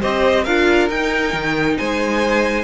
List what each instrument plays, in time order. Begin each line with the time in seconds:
0.00 cello C4, viola G4, violin C5 D#5
0.44 cello D4, viola F4, violin A#4 F5
0.89 cello D#4, viola D#4, violin G5
1.33 cello D#3
1.77 cello G#3, violin C5 G#5